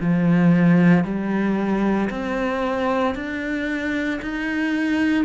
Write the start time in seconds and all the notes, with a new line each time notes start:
0.00 F3
1.04 G3
2.10 C4
3.15 D4
4.22 D#4